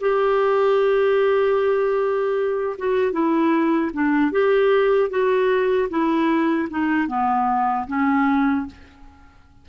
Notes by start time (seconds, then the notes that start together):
0.00 G4
2.77 F#4
3.12 E4
3.93 D4
4.31 G4
5.09 F#4
5.89 E4
6.70 D#4
7.07 B3
7.87 C#4